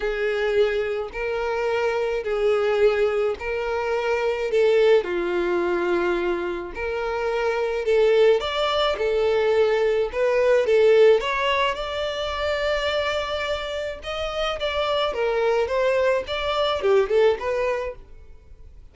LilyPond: \new Staff \with { instrumentName = "violin" } { \time 4/4 \tempo 4 = 107 gis'2 ais'2 | gis'2 ais'2 | a'4 f'2. | ais'2 a'4 d''4 |
a'2 b'4 a'4 | cis''4 d''2.~ | d''4 dis''4 d''4 ais'4 | c''4 d''4 g'8 a'8 b'4 | }